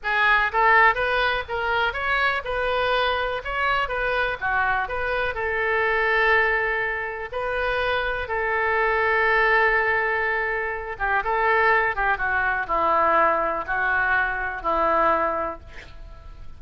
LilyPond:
\new Staff \with { instrumentName = "oboe" } { \time 4/4 \tempo 4 = 123 gis'4 a'4 b'4 ais'4 | cis''4 b'2 cis''4 | b'4 fis'4 b'4 a'4~ | a'2. b'4~ |
b'4 a'2.~ | a'2~ a'8 g'8 a'4~ | a'8 g'8 fis'4 e'2 | fis'2 e'2 | }